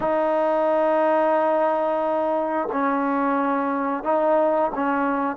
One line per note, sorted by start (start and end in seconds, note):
0.00 2.68 D#4
2.72 4.03 C#4
4.03 4.71 D#4
4.74 5.36 C#4